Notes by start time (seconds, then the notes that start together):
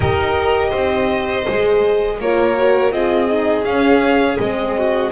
0.00 D#4 G4 A#4 D#5
0.69 C4 C5
1.46 G#3 G#4
2.19 A#3 F4 A#4 C#5
2.55 F#4
2.90 C4 F4 G#4 D#5
3.28 D#4
3.64 C#4 F5
4.39 G#3 C4 D#5
4.77 F#4